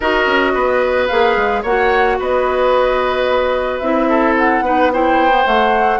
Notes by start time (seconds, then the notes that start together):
0.00 D#4 F#4 A#4 D#5
0.26 C#4
0.54 B3 B4
1.07 A#3 G#4 F5
1.36 G#3
1.62 A#3 F#4 C#5 F#5
2.19 B3 B4 D#5
3.78 C4 E4 E5
4.09 A4
4.37 F#5
4.61 B3 D#4 B4
4.92 E4 C5 G5
5.30 B3
5.45 A3 F#5